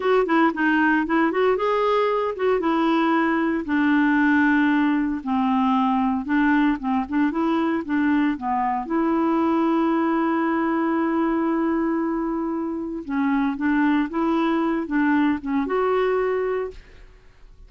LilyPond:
\new Staff \with { instrumentName = "clarinet" } { \time 4/4 \tempo 4 = 115 fis'8 e'8 dis'4 e'8 fis'8 gis'4~ | gis'8 fis'8 e'2 d'4~ | d'2 c'2 | d'4 c'8 d'8 e'4 d'4 |
b4 e'2.~ | e'1~ | e'4 cis'4 d'4 e'4~ | e'8 d'4 cis'8 fis'2 | }